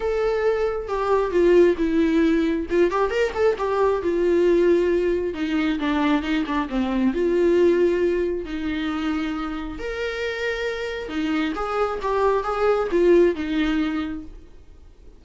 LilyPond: \new Staff \with { instrumentName = "viola" } { \time 4/4 \tempo 4 = 135 a'2 g'4 f'4 | e'2 f'8 g'8 ais'8 a'8 | g'4 f'2. | dis'4 d'4 dis'8 d'8 c'4 |
f'2. dis'4~ | dis'2 ais'2~ | ais'4 dis'4 gis'4 g'4 | gis'4 f'4 dis'2 | }